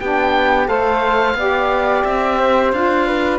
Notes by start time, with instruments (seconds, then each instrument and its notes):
0.00 cello B3, saxophone D4, flute G4, oboe G5
0.66 cello A3, saxophone A4, flute C5, oboe F5
1.35 cello B3, saxophone G4, flute D5
2.04 cello C4, oboe E5
2.39 flute C5
2.72 cello D4, saxophone F4, oboe F5
3.06 flute B4